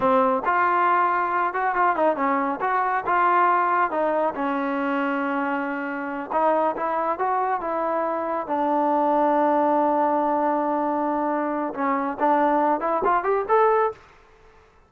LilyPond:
\new Staff \with { instrumentName = "trombone" } { \time 4/4 \tempo 4 = 138 c'4 f'2~ f'8 fis'8 | f'8 dis'8 cis'4 fis'4 f'4~ | f'4 dis'4 cis'2~ | cis'2~ cis'8 dis'4 e'8~ |
e'8 fis'4 e'2 d'8~ | d'1~ | d'2. cis'4 | d'4. e'8 f'8 g'8 a'4 | }